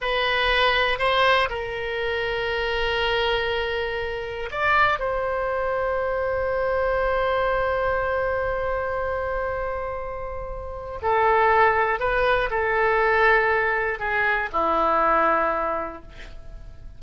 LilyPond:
\new Staff \with { instrumentName = "oboe" } { \time 4/4 \tempo 4 = 120 b'2 c''4 ais'4~ | ais'1~ | ais'4 d''4 c''2~ | c''1~ |
c''1~ | c''2 a'2 | b'4 a'2. | gis'4 e'2. | }